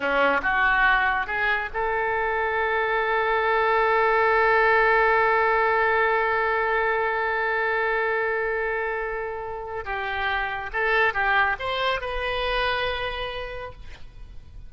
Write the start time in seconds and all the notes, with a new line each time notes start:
0.00 C#4
0.42 F#4
1.26 G#4
1.73 A4
9.84 G4
10.72 A4
11.13 G4
11.59 C5
12.00 B4